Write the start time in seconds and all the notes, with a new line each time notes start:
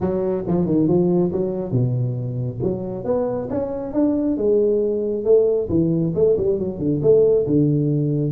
0.00 F#3
0.47 F3
0.65 D#3
0.87 F3
1.32 F#3
1.71 B2
2.62 F#3
3.04 B3
3.50 C#4
3.93 D4
4.37 G#3
5.24 A3
5.69 E3
6.14 A3
6.37 G3
6.58 F#3
6.78 D3
7.02 A3
7.46 D3